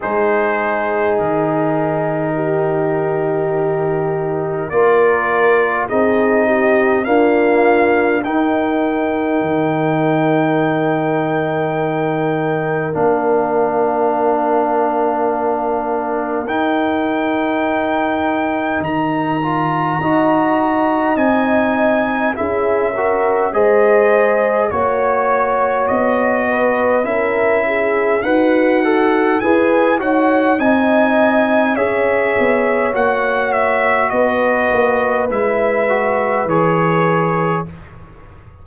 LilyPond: <<
  \new Staff \with { instrumentName = "trumpet" } { \time 4/4 \tempo 4 = 51 c''4 ais'2. | d''4 dis''4 f''4 g''4~ | g''2. f''4~ | f''2 g''2 |
ais''2 gis''4 e''4 | dis''4 cis''4 dis''4 e''4 | fis''4 gis''8 fis''8 gis''4 e''4 | fis''8 e''8 dis''4 e''4 cis''4 | }
  \new Staff \with { instrumentName = "horn" } { \time 4/4 gis'2 g'2 | ais'4 gis'8 g'8 f'4 ais'4~ | ais'1~ | ais'1~ |
ais'4 dis''2 gis'8 ais'8 | c''4 cis''4. b'8 ais'8 gis'8 | fis'4 b'8 cis''8 dis''4 cis''4~ | cis''4 b'2. | }
  \new Staff \with { instrumentName = "trombone" } { \time 4/4 dis'1 | f'4 dis'4 ais4 dis'4~ | dis'2. d'4~ | d'2 dis'2~ |
dis'8 f'8 fis'4 dis'4 e'8 fis'8 | gis'4 fis'2 e'4 | b'8 a'8 gis'8 fis'8 dis'4 gis'4 | fis'2 e'8 fis'8 gis'4 | }
  \new Staff \with { instrumentName = "tuba" } { \time 4/4 gis4 dis2. | ais4 c'4 d'4 dis'4 | dis2. ais4~ | ais2 dis'2 |
dis4 dis'4 c'4 cis'4 | gis4 ais4 b4 cis'4 | dis'4 e'8 dis'8 c'4 cis'8 b8 | ais4 b8 ais8 gis4 e4 | }
>>